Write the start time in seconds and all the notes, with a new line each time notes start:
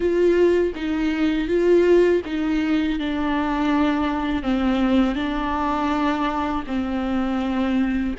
0.00 F4
0.75 D#4
1.47 F4
2.25 D#4
2.99 D4
4.42 C4
5.15 D4
6.66 C4